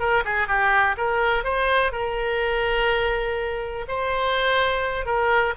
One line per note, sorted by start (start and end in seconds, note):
0.00 0.24 A#4
0.25 0.48 G#4
0.48 0.96 G4
0.97 1.44 A#4
1.44 1.92 C5
1.92 3.86 A#4
3.88 5.06 C5
5.06 5.54 A#4